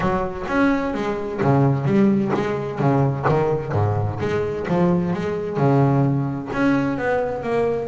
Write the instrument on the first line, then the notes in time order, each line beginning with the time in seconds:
double bass
0.00 F#3
0.48 C#4
0.94 G#3
1.41 C#3
1.85 G3
2.34 G#3
2.79 C#3
3.28 D#3
3.72 G#2
4.19 G#3
4.68 F3
5.13 G#3
5.57 C#3
6.52 C#4
6.98 B3
7.42 A#3